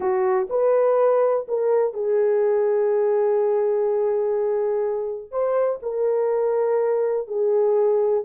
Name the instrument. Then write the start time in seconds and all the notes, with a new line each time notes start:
horn
0.00 F#4
0.49 B4
1.48 A#4
1.93 G#4
5.31 C5
5.82 A#4
7.27 G#4